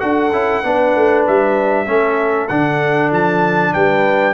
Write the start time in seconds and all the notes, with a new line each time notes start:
0.00 D4 F#4 A4 F#5
0.32 C#4 E4
0.64 B3 D4 B4
0.96 A3
1.27 G3 E5
1.87 A3 C#4 A4
2.49 D3 D4 F#5
3.12 F3 A5
3.74 G3 B4 G5